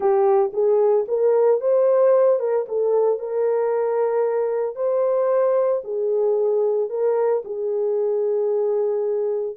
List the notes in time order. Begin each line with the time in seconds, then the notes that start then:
0.00 G4
0.53 G#4
1.07 A#4
1.60 C5
2.39 A#4
2.68 A4
3.19 A#4
4.75 C5
5.84 G#4
6.89 A#4
7.44 G#4